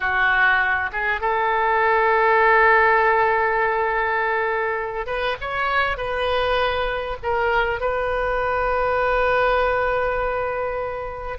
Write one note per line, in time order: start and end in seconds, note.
0.00 0.90 F#4
0.92 1.21 G#4
1.21 5.06 A4
5.06 5.36 B4
5.40 5.97 C#5
5.97 7.17 B4
7.22 7.80 A#4
7.80 11.38 B4